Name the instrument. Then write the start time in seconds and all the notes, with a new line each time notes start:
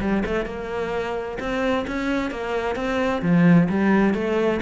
cello
0.00 G3
0.25 A3
0.45 A#3
1.39 C4
1.87 C#4
2.30 A#3
2.75 C4
3.22 F3
3.69 G3
4.14 A3